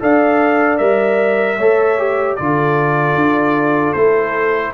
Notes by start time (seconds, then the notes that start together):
0.00 D4 A4 D5 F5
0.78 G3 A#4 E5
1.58 A3 A4 C#5
1.99 G4
2.36 D3 F4 A4 D5
3.15 D4
3.93 A3 E4 C5